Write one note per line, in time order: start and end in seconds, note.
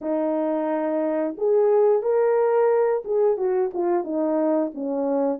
0.01 1.35 D#4
1.37 2.02 G#4
2.02 3.03 A#4
3.05 3.37 G#4
3.37 3.70 F#4
3.73 4.04 F4
4.04 4.71 D#4
4.74 5.39 C#4